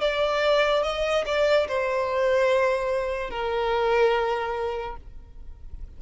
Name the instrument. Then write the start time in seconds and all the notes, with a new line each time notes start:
violin
0.00 D5
0.83 D#5
1.25 D5
1.67 C5
3.30 A#4